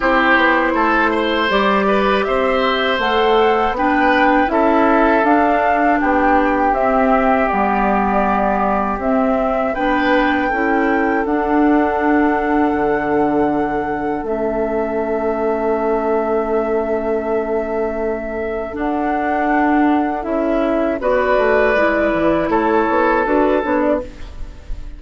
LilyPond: <<
  \new Staff \with { instrumentName = "flute" } { \time 4/4 \tempo 4 = 80 c''2 d''4 e''4 | fis''4 g''4 e''4 f''4 | g''4 e''4 d''2 | e''4 g''2 fis''4~ |
fis''2. e''4~ | e''1~ | e''4 fis''2 e''4 | d''2 cis''4 b'8 cis''16 d''16 | }
  \new Staff \with { instrumentName = "oboe" } { \time 4/4 g'4 a'8 c''4 b'8 c''4~ | c''4 b'4 a'2 | g'1~ | g'4 b'4 a'2~ |
a'1~ | a'1~ | a'1 | b'2 a'2 | }
  \new Staff \with { instrumentName = "clarinet" } { \time 4/4 e'2 g'2 | a'4 d'4 e'4 d'4~ | d'4 c'4 b2 | c'4 d'4 e'4 d'4~ |
d'2. cis'4~ | cis'1~ | cis'4 d'2 e'4 | fis'4 e'2 fis'8 d'8 | }
  \new Staff \with { instrumentName = "bassoon" } { \time 4/4 c'8 b8 a4 g4 c'4 | a4 b4 cis'4 d'4 | b4 c'4 g2 | c'4 b4 cis'4 d'4~ |
d'4 d2 a4~ | a1~ | a4 d'2 cis'4 | b8 a8 gis8 e8 a8 b8 d'8 b8 | }
>>